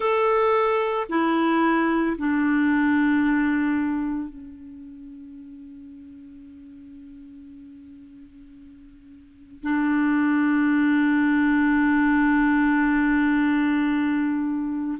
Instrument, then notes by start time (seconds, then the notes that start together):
clarinet
0.00 A4
1.09 E4
2.18 D4
4.29 C#4
9.62 D4